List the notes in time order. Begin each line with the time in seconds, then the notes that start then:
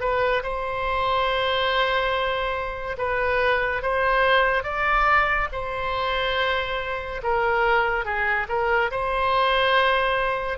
0.00 B4
0.43 C5
2.98 B4
3.82 C5
4.63 D5
5.52 C5
7.23 A#4
8.05 G#4
8.48 A#4
8.91 C5